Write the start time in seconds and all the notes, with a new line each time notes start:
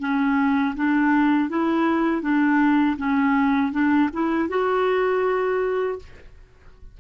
0.00 C#4
0.76 D4
1.50 E4
2.22 D4
2.98 C#4
3.72 D4
4.14 E4
4.49 F#4